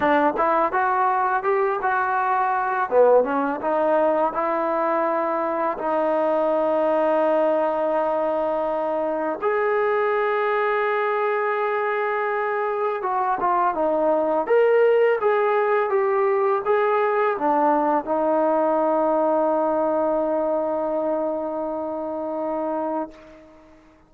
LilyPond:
\new Staff \with { instrumentName = "trombone" } { \time 4/4 \tempo 4 = 83 d'8 e'8 fis'4 g'8 fis'4. | b8 cis'8 dis'4 e'2 | dis'1~ | dis'4 gis'2.~ |
gis'2 fis'8 f'8 dis'4 | ais'4 gis'4 g'4 gis'4 | d'4 dis'2.~ | dis'1 | }